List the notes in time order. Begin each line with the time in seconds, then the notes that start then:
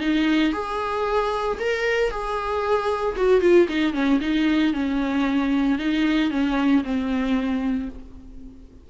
0.00 D#4
0.53 G#4
1.59 A#4
2.10 G#4
3.16 F#4
3.41 F4
3.68 D#4
3.93 C#4
4.21 D#4
4.73 C#4
5.78 D#4
6.31 C#4
6.84 C4